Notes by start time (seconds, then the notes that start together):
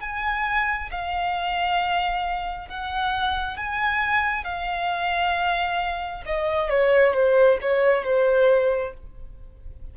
0.00 G#5
0.91 F5
2.68 F#5
3.57 G#5
4.44 F5
6.25 D#5
6.70 C#5
7.13 C5
7.61 C#5
8.04 C5